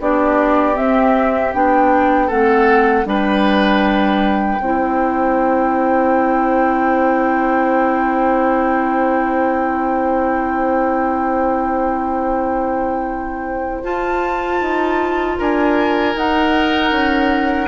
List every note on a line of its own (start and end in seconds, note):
0.00 0.77 B3
0.00 0.74 D4
0.00 2.27 G4
0.00 0.76 D5
0.74 1.51 C4
0.74 1.54 C4
0.74 1.53 E5
1.54 2.30 B3
1.54 2.29 D4
1.54 2.30 G5
2.27 3.05 A3
2.27 3.04 C4
2.27 3.04 A4
2.27 3.07 F#5
3.04 4.59 G3
3.04 4.58 D4
3.04 4.62 B4
3.04 13.84 G5
4.59 13.83 C4
4.59 13.84 E4
4.59 15.38 C5
13.83 14.60 F4
13.83 16.14 F4
13.83 15.38 A5
14.60 15.37 D#4
15.38 16.15 D4
15.38 17.68 A#4
15.38 16.17 G#5
16.15 16.91 D#4
16.15 17.68 D#4
16.15 17.68 F#5
16.91 17.68 C#4